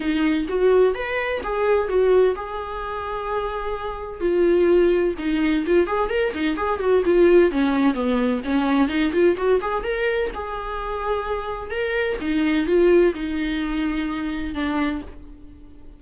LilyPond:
\new Staff \with { instrumentName = "viola" } { \time 4/4 \tempo 4 = 128 dis'4 fis'4 b'4 gis'4 | fis'4 gis'2.~ | gis'4 f'2 dis'4 | f'8 gis'8 ais'8 dis'8 gis'8 fis'8 f'4 |
cis'4 b4 cis'4 dis'8 f'8 | fis'8 gis'8 ais'4 gis'2~ | gis'4 ais'4 dis'4 f'4 | dis'2. d'4 | }